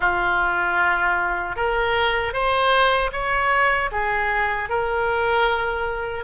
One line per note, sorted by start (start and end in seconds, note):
0.00 1.55 F4
1.55 2.33 A#4
2.33 3.11 C5
3.12 3.90 C#5
3.91 4.69 G#4
4.69 6.24 A#4